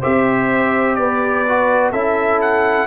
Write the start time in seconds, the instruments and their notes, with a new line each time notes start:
0.00 tuba C4, trombone G4, horn C5, trumpet E5
0.95 tuba B3, horn B4, trumpet D5
1.48 trombone F#4
1.91 tuba C#4, trombone E4, horn A4, trumpet E5
2.41 trumpet F#5